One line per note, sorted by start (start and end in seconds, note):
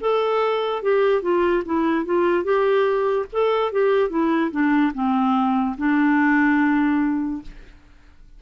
0.00 0.82 A4
0.82 1.22 G4
1.22 1.63 F4
1.65 2.05 E4
2.05 2.44 F4
2.44 3.26 G4
3.32 3.72 A4
3.72 4.09 G4
4.09 4.51 E4
4.51 4.92 D4
4.94 5.76 C4
5.77 7.42 D4